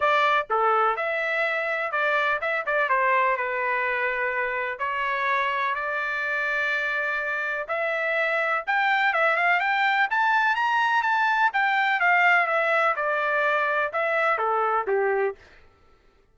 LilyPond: \new Staff \with { instrumentName = "trumpet" } { \time 4/4 \tempo 4 = 125 d''4 a'4 e''2 | d''4 e''8 d''8 c''4 b'4~ | b'2 cis''2 | d''1 |
e''2 g''4 e''8 f''8 | g''4 a''4 ais''4 a''4 | g''4 f''4 e''4 d''4~ | d''4 e''4 a'4 g'4 | }